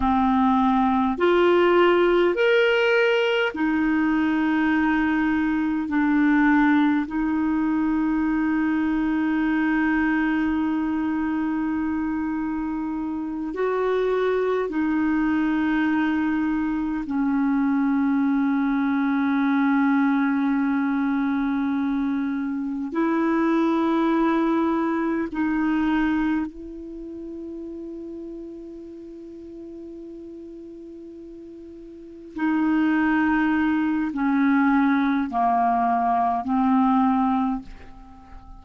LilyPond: \new Staff \with { instrumentName = "clarinet" } { \time 4/4 \tempo 4 = 51 c'4 f'4 ais'4 dis'4~ | dis'4 d'4 dis'2~ | dis'2.~ dis'8 fis'8~ | fis'8 dis'2 cis'4.~ |
cis'2.~ cis'8 e'8~ | e'4. dis'4 e'4.~ | e'2.~ e'8 dis'8~ | dis'4 cis'4 ais4 c'4 | }